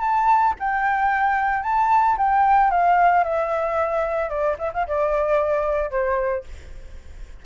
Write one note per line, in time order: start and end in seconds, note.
0.00 0.54 A5
0.59 1.63 G5
1.63 2.16 A5
2.17 2.70 G5
2.70 3.24 F5
3.24 4.29 E5
4.29 4.56 D5
4.58 4.71 E5
4.73 4.86 F5
4.87 5.90 D5
5.90 6.44 C5